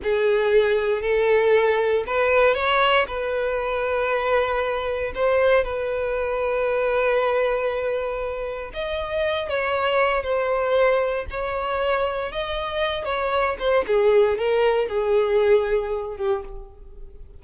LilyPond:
\new Staff \with { instrumentName = "violin" } { \time 4/4 \tempo 4 = 117 gis'2 a'2 | b'4 cis''4 b'2~ | b'2 c''4 b'4~ | b'1~ |
b'4 dis''4. cis''4. | c''2 cis''2 | dis''4. cis''4 c''8 gis'4 | ais'4 gis'2~ gis'8 g'8 | }